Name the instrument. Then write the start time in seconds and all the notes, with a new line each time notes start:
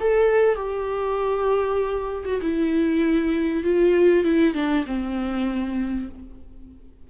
viola
0.00 A4
0.55 G4
2.25 F#4
2.41 E4
3.64 F4
4.24 E4
4.54 D4
4.86 C4